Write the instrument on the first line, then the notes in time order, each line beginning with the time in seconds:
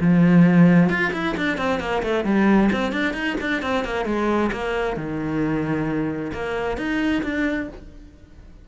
cello
0.00 F3
0.89 F4
1.13 E4
1.37 D4
1.57 C4
1.80 A#3
2.02 A3
2.24 G3
2.72 C4
2.92 D4
3.14 D#4
3.41 D4
3.62 C4
3.85 A#3
4.05 G#3
4.52 A#3
4.96 D#3
6.33 A#3
6.78 D#4
7.23 D4